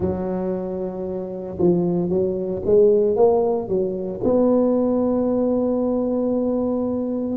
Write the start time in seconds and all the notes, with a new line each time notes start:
0.00 F#3
1.58 F3
2.09 F#3
2.65 G#3
3.16 A#3
3.67 F#3
4.23 B3